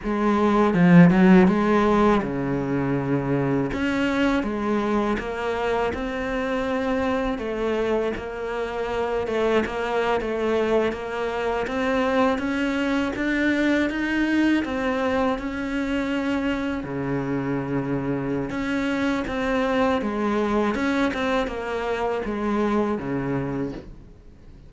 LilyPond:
\new Staff \with { instrumentName = "cello" } { \time 4/4 \tempo 4 = 81 gis4 f8 fis8 gis4 cis4~ | cis4 cis'4 gis4 ais4 | c'2 a4 ais4~ | ais8 a8 ais8. a4 ais4 c'16~ |
c'8. cis'4 d'4 dis'4 c'16~ | c'8. cis'2 cis4~ cis16~ | cis4 cis'4 c'4 gis4 | cis'8 c'8 ais4 gis4 cis4 | }